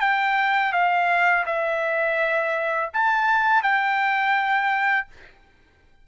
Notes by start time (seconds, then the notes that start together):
0.00 G5
0.72 F5
1.46 E5
2.93 A5
3.62 G5